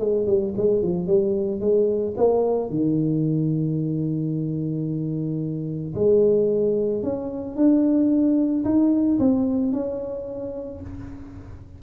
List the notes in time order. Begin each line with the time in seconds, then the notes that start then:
0.00 G#3
0.27 G3
0.57 G#3
0.83 F3
1.08 G3
1.61 G#3
2.17 A#3
2.70 D#3
5.95 G#3
7.03 C#4
7.57 D4
8.65 D#4
9.19 C4
9.73 C#4